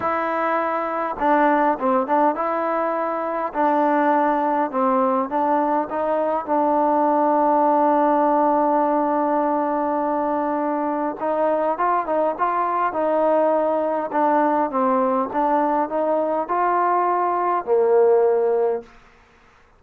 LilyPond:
\new Staff \with { instrumentName = "trombone" } { \time 4/4 \tempo 4 = 102 e'2 d'4 c'8 d'8 | e'2 d'2 | c'4 d'4 dis'4 d'4~ | d'1~ |
d'2. dis'4 | f'8 dis'8 f'4 dis'2 | d'4 c'4 d'4 dis'4 | f'2 ais2 | }